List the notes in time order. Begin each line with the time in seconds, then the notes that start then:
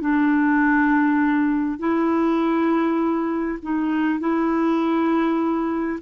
0.00 D4
1.78 E4
3.62 D#4
4.19 E4